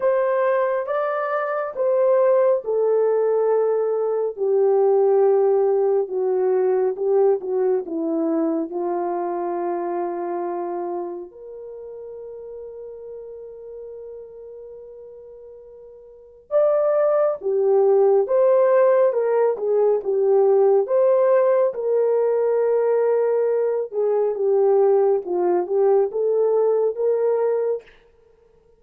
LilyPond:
\new Staff \with { instrumentName = "horn" } { \time 4/4 \tempo 4 = 69 c''4 d''4 c''4 a'4~ | a'4 g'2 fis'4 | g'8 fis'8 e'4 f'2~ | f'4 ais'2.~ |
ais'2. d''4 | g'4 c''4 ais'8 gis'8 g'4 | c''4 ais'2~ ais'8 gis'8 | g'4 f'8 g'8 a'4 ais'4 | }